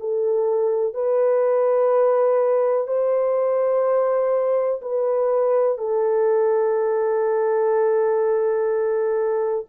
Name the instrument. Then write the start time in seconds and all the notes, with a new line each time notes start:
horn
0.00 A4
0.94 B4
2.87 C5
4.81 B4
5.78 A4